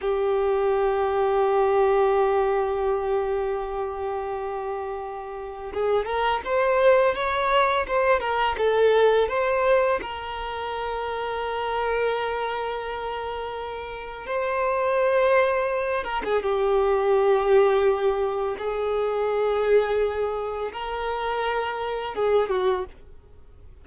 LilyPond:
\new Staff \with { instrumentName = "violin" } { \time 4/4 \tempo 4 = 84 g'1~ | g'1 | gis'8 ais'8 c''4 cis''4 c''8 ais'8 | a'4 c''4 ais'2~ |
ais'1 | c''2~ c''8 ais'16 gis'16 g'4~ | g'2 gis'2~ | gis'4 ais'2 gis'8 fis'8 | }